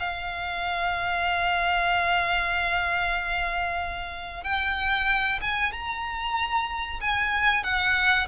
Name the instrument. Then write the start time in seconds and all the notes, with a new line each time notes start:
violin
0.00 F5
4.44 G5
5.42 G#5
5.73 A#5
7.01 G#5
7.64 F#5